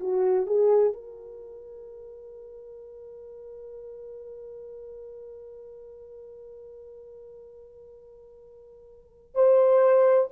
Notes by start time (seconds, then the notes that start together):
0.00 F#4
0.46 G#4
0.93 A#4
9.35 C5